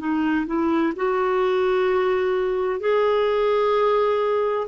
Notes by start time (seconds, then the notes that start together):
0.00 D#4
0.47 E4
0.97 F#4
2.81 G#4